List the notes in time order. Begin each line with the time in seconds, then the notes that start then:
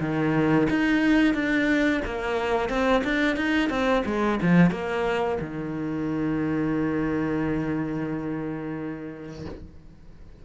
0.00 D#3
0.70 D#4
1.34 D4
2.05 A#3
2.69 C4
3.04 D4
3.36 D#4
3.69 C4
4.05 G#3
4.42 F3
4.71 A#3
5.41 D#3